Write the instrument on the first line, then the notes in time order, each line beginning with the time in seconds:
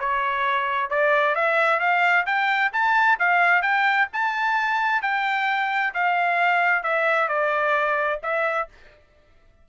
trumpet
0.00 C#5
0.90 D5
1.36 E5
1.80 F5
2.26 G5
2.73 A5
3.20 F5
3.62 G5
4.13 A5
5.02 G5
5.95 F5
6.84 E5
7.29 D5
8.23 E5